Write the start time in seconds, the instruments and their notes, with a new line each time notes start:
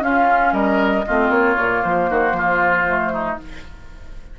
0.00 clarinet C#4, bassoon C#4, oboe F4, flute F5
0.53 bassoon G3, oboe A#4, flute D#5
1.07 bassoon A3, clarinet C4, oboe F4
1.30 bassoon A#3, flute C#5
1.57 bassoon A#2, clarinet A#3
1.83 bassoon F3, flute C5
2.10 bassoon D#3, oboe F#4
2.32 bassoon F3, oboe F4
2.87 clarinet A3
3.13 oboe D#4